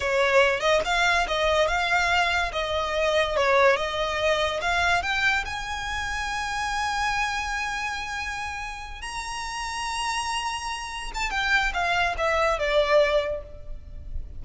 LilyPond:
\new Staff \with { instrumentName = "violin" } { \time 4/4 \tempo 4 = 143 cis''4. dis''8 f''4 dis''4 | f''2 dis''2 | cis''4 dis''2 f''4 | g''4 gis''2.~ |
gis''1~ | gis''4. ais''2~ ais''8~ | ais''2~ ais''8 a''8 g''4 | f''4 e''4 d''2 | }